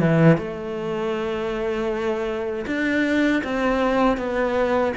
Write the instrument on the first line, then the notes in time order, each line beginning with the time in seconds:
cello
0.00 E3
0.37 A3
2.67 D4
3.44 C4
4.17 B3